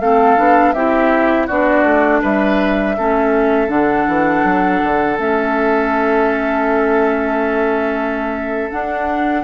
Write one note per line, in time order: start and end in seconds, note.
0.00 0.37 A3
0.00 0.37 C4
0.00 0.74 A4
0.00 0.72 F5
0.37 0.74 B3
0.37 0.74 D4
0.72 1.48 C4
0.72 1.49 E4
0.72 1.47 G4
0.72 1.46 E5
1.47 1.83 B3
1.47 2.97 D4
1.47 2.21 F#4
1.47 2.22 D5
1.83 2.20 A3
2.21 2.97 G3
2.21 2.95 B4
2.21 3.69 E5
2.97 3.68 A3
2.97 3.68 C#4
2.97 9.43 A4
3.68 4.05 D3
3.68 5.16 D4
3.68 5.17 F#5
4.08 4.44 E3
4.44 4.81 F#3
4.83 5.18 D3
5.18 8.70 A3
5.18 8.71 C#4
5.18 8.71 E5
8.71 9.43 D4
8.71 9.43 F#5